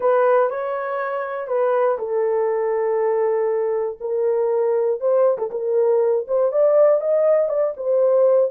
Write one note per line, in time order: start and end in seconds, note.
0.00 0.50 B4
0.50 1.47 C#5
1.47 1.97 B4
1.98 3.98 A4
4.00 5.00 A#4
5.00 5.38 C5
5.38 5.50 A4
5.50 6.25 A#4
6.27 6.52 C5
6.52 7.00 D5
7.00 7.48 D#5
7.48 7.73 D5
7.77 8.51 C5